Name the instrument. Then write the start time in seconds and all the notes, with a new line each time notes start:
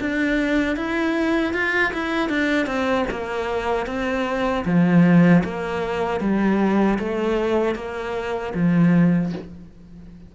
cello
0.00 D4
0.76 E4
1.53 F4
1.93 E4
2.29 D4
2.66 C4
3.11 A#3
3.86 C4
4.65 F3
5.44 A#3
6.20 G3
6.98 A3
7.75 A#3
8.54 F3